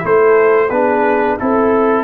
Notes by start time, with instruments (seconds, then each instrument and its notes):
0.00 tuba A3, trombone E4, horn A4, trumpet C5
0.70 tuba B3, trombone D4, horn G#4, trumpet B4
1.38 tuba C4, trombone E4, horn A4, trumpet A4